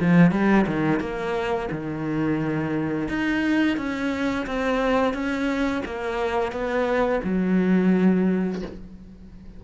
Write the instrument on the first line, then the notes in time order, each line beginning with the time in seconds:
cello
0.00 F3
0.31 G3
0.67 D#3
1.00 A#3
1.71 D#3
3.08 D#4
3.77 C#4
4.46 C4
5.13 C#4
5.85 A#3
6.52 B3
7.24 F#3